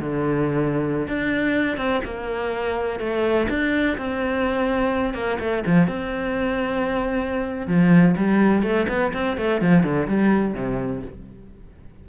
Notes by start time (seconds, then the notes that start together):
0.00 D3
1.08 D4
1.77 C4
2.04 A#3
2.99 A3
3.49 D4
3.97 C4
5.14 A#3
5.39 A3
5.66 F3
5.88 C4
7.67 F3
8.17 G3
8.63 A3
8.88 B3
9.13 C4
9.37 A3
9.61 F3
9.83 D3
10.07 G3
10.54 C3